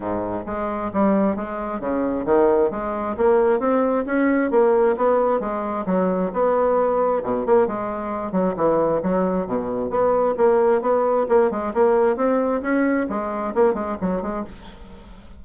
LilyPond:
\new Staff \with { instrumentName = "bassoon" } { \time 4/4 \tempo 4 = 133 gis,4 gis4 g4 gis4 | cis4 dis4 gis4 ais4 | c'4 cis'4 ais4 b4 | gis4 fis4 b2 |
b,8 ais8 gis4. fis8 e4 | fis4 b,4 b4 ais4 | b4 ais8 gis8 ais4 c'4 | cis'4 gis4 ais8 gis8 fis8 gis8 | }